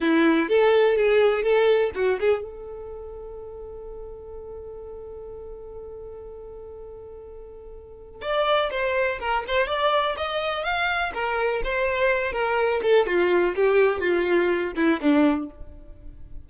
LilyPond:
\new Staff \with { instrumentName = "violin" } { \time 4/4 \tempo 4 = 124 e'4 a'4 gis'4 a'4 | fis'8 gis'8 a'2.~ | a'1~ | a'1~ |
a'4 d''4 c''4 ais'8 c''8 | d''4 dis''4 f''4 ais'4 | c''4. ais'4 a'8 f'4 | g'4 f'4. e'8 d'4 | }